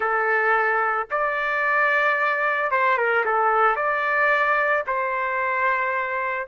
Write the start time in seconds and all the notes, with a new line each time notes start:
0.00 A4
1.10 D5
2.71 C5
2.97 A#4
3.25 A4
3.75 D5
4.86 C5